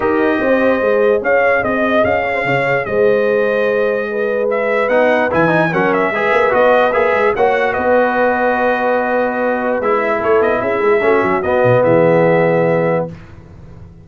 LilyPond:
<<
  \new Staff \with { instrumentName = "trumpet" } { \time 4/4 \tempo 4 = 147 dis''2. f''4 | dis''4 f''2 dis''4~ | dis''2. e''4 | fis''4 gis''4 fis''8 e''4. |
dis''4 e''4 fis''4 dis''4~ | dis''1 | e''4 cis''8 dis''8 e''2 | dis''4 e''2. | }
  \new Staff \with { instrumentName = "horn" } { \time 4/4 ais'4 c''2 cis''4 | dis''4. cis''16 c''16 cis''4 c''4~ | c''2 b'2~ | b'2 ais'4 b'4~ |
b'2 cis''4 b'4~ | b'1~ | b'4 a'4 gis'4 fis'4~ | fis'4 gis'2. | }
  \new Staff \with { instrumentName = "trombone" } { \time 4/4 g'2 gis'2~ | gis'1~ | gis'1 | dis'4 e'8 dis'8 cis'4 gis'4 |
fis'4 gis'4 fis'2~ | fis'1 | e'2. cis'4 | b1 | }
  \new Staff \with { instrumentName = "tuba" } { \time 4/4 dis'4 c'4 gis4 cis'4 | c'4 cis'4 cis4 gis4~ | gis1 | b4 e4 fis4 gis8 ais8 |
b4 ais8 gis8 ais4 b4~ | b1 | gis4 a8 b8 cis'8 gis8 a8 fis8 | b8 b,8 e2. | }
>>